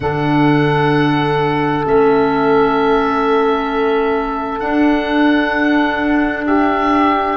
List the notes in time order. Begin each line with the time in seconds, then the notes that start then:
0.00 D3 D4 A4 F#5
1.84 A3 C#4 E5
4.59 D4 F#5
6.46 G4 E5